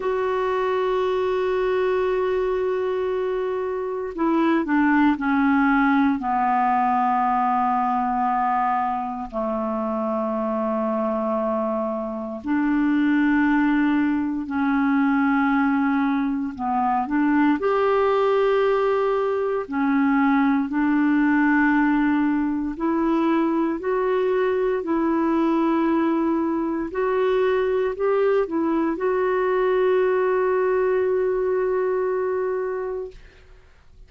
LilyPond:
\new Staff \with { instrumentName = "clarinet" } { \time 4/4 \tempo 4 = 58 fis'1 | e'8 d'8 cis'4 b2~ | b4 a2. | d'2 cis'2 |
b8 d'8 g'2 cis'4 | d'2 e'4 fis'4 | e'2 fis'4 g'8 e'8 | fis'1 | }